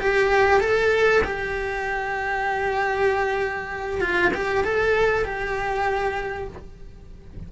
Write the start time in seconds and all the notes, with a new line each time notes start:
0.00 G4
0.60 A4
1.24 G4
4.01 F4
4.34 G4
4.64 A4
5.25 G4